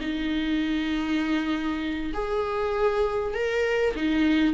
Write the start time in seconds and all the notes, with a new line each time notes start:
0.00 D#4
2.13 G#4
3.33 A#4
3.95 D#4